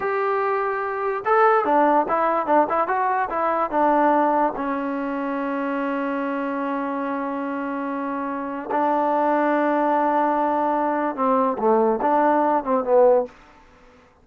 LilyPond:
\new Staff \with { instrumentName = "trombone" } { \time 4/4 \tempo 4 = 145 g'2. a'4 | d'4 e'4 d'8 e'8 fis'4 | e'4 d'2 cis'4~ | cis'1~ |
cis'1~ | cis'4 d'2.~ | d'2. c'4 | a4 d'4. c'8 b4 | }